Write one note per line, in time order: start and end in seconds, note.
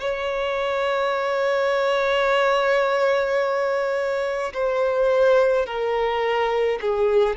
0.00 4.53 C#5
4.53 5.66 C5
5.66 6.79 A#4
6.81 7.37 G#4